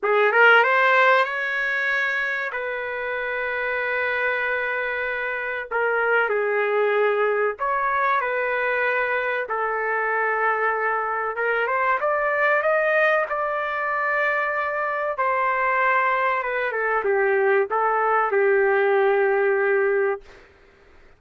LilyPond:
\new Staff \with { instrumentName = "trumpet" } { \time 4/4 \tempo 4 = 95 gis'8 ais'8 c''4 cis''2 | b'1~ | b'4 ais'4 gis'2 | cis''4 b'2 a'4~ |
a'2 ais'8 c''8 d''4 | dis''4 d''2. | c''2 b'8 a'8 g'4 | a'4 g'2. | }